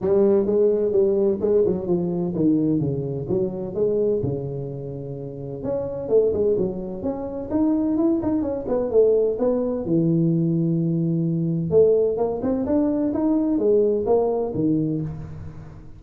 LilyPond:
\new Staff \with { instrumentName = "tuba" } { \time 4/4 \tempo 4 = 128 g4 gis4 g4 gis8 fis8 | f4 dis4 cis4 fis4 | gis4 cis2. | cis'4 a8 gis8 fis4 cis'4 |
dis'4 e'8 dis'8 cis'8 b8 a4 | b4 e2.~ | e4 a4 ais8 c'8 d'4 | dis'4 gis4 ais4 dis4 | }